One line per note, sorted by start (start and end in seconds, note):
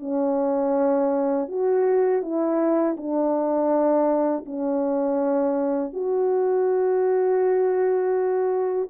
0.00 1.48 C#4
1.48 2.22 F#4
2.22 2.96 E4
2.97 4.45 D4
4.45 5.93 C#4
5.93 8.89 F#4